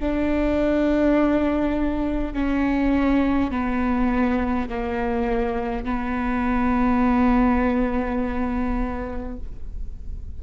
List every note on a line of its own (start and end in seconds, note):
0.00 2.34 D4
2.34 3.51 C#4
3.51 4.68 B3
4.69 5.84 A#3
5.84 9.37 B3